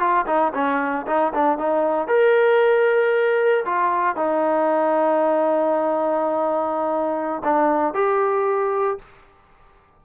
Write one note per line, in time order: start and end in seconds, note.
0.00 0.26 F4
0.27 0.53 D#4
0.54 1.06 C#4
1.07 1.33 D#4
1.34 1.58 D4
1.58 2.08 D#4
2.08 3.65 A#4
3.66 4.17 F4
4.17 7.43 D#4
7.45 7.94 D4
7.94 8.99 G4